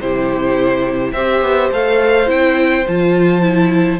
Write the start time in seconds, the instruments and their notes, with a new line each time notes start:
0.00 cello C3, viola E4, violin G4 C5
1.12 cello C4, viola G4, violin C5 E5
1.41 cello B3
1.71 cello A3, viola A4, violin F5
2.26 cello C4, viola E4, violin G5
2.87 cello F3, viola F4, violin A5
3.41 viola E4